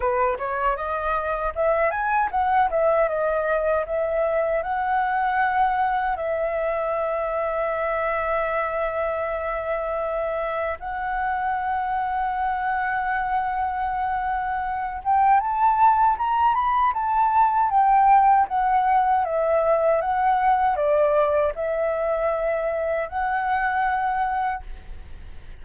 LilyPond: \new Staff \with { instrumentName = "flute" } { \time 4/4 \tempo 4 = 78 b'8 cis''8 dis''4 e''8 gis''8 fis''8 e''8 | dis''4 e''4 fis''2 | e''1~ | e''2 fis''2~ |
fis''2.~ fis''8 g''8 | a''4 ais''8 b''8 a''4 g''4 | fis''4 e''4 fis''4 d''4 | e''2 fis''2 | }